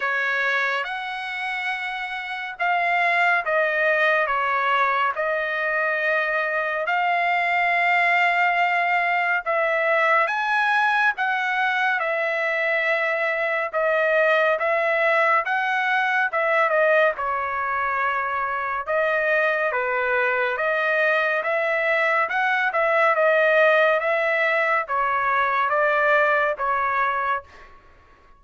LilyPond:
\new Staff \with { instrumentName = "trumpet" } { \time 4/4 \tempo 4 = 70 cis''4 fis''2 f''4 | dis''4 cis''4 dis''2 | f''2. e''4 | gis''4 fis''4 e''2 |
dis''4 e''4 fis''4 e''8 dis''8 | cis''2 dis''4 b'4 | dis''4 e''4 fis''8 e''8 dis''4 | e''4 cis''4 d''4 cis''4 | }